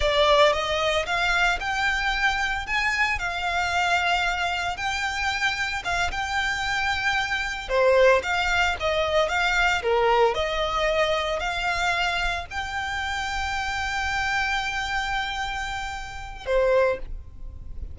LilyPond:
\new Staff \with { instrumentName = "violin" } { \time 4/4 \tempo 4 = 113 d''4 dis''4 f''4 g''4~ | g''4 gis''4 f''2~ | f''4 g''2 f''8 g''8~ | g''2~ g''8 c''4 f''8~ |
f''8 dis''4 f''4 ais'4 dis''8~ | dis''4. f''2 g''8~ | g''1~ | g''2. c''4 | }